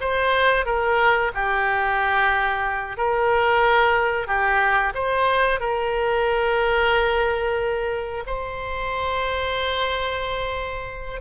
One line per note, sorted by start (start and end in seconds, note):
0.00 0.66 C5
0.66 1.32 A#4
1.34 2.97 G4
2.97 4.27 A#4
4.27 4.93 G4
4.94 5.60 C5
5.60 8.24 A#4
8.26 11.21 C5